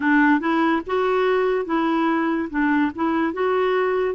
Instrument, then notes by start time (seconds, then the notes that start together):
clarinet
0.00 D4
0.39 E4
0.86 F#4
1.65 E4
2.50 D4
2.95 E4
3.33 F#4